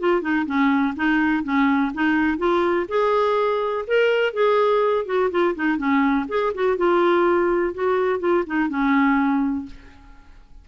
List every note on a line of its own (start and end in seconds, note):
0.00 0.22 F4
0.22 0.46 D#4
0.46 0.95 C#4
0.97 1.44 D#4
1.44 1.93 C#4
1.94 2.38 D#4
2.38 2.87 F4
2.89 3.86 G#4
3.88 4.34 A#4
4.34 5.06 G#4
5.06 5.30 F#4
5.31 5.55 F4
5.56 5.78 D#4
5.78 6.27 C#4
6.29 6.53 G#4
6.55 6.78 F#4
6.78 7.75 F4
7.75 8.20 F#4
8.20 8.44 F4
8.47 8.70 D#4
8.70 9.66 C#4